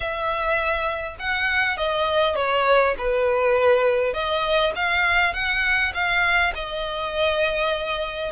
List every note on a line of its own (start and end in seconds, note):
0.00 1.16 E5
1.19 1.77 F#5
1.77 2.35 D#5
2.35 2.95 C#5
2.98 4.13 B4
4.13 4.73 D#5
4.75 5.33 F5
5.33 5.92 F#5
5.94 6.53 F5
6.55 8.31 D#5